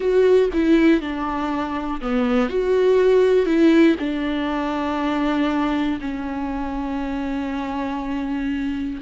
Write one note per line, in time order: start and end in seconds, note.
0.00 0.49 F#4
0.53 1.00 E4
1.00 2.00 D4
2.01 2.49 B3
2.49 3.45 F#4
3.45 3.95 E4
3.99 5.99 D4
6.00 9.00 C#4